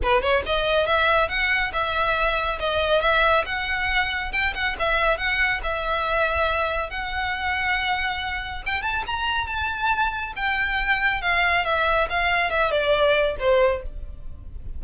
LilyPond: \new Staff \with { instrumentName = "violin" } { \time 4/4 \tempo 4 = 139 b'8 cis''8 dis''4 e''4 fis''4 | e''2 dis''4 e''4 | fis''2 g''8 fis''8 e''4 | fis''4 e''2. |
fis''1 | g''8 a''8 ais''4 a''2 | g''2 f''4 e''4 | f''4 e''8 d''4. c''4 | }